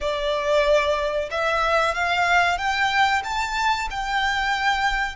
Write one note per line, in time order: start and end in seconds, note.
0.00 1.29 D5
1.30 1.94 E5
1.94 2.58 F5
2.58 3.22 G5
3.24 3.88 A5
3.90 5.15 G5